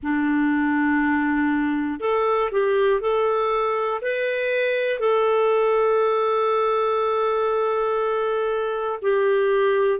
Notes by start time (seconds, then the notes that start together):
0.02 D4
2.00 A4
2.51 G4
3.00 A4
4.01 B4
5.00 A4
9.02 G4